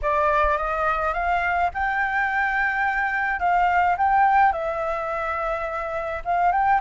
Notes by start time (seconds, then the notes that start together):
0.02 D5
0.57 D#5
1.13 F5
1.74 G5
3.39 F5
3.97 G5
4.52 E5
6.24 F5
6.52 G5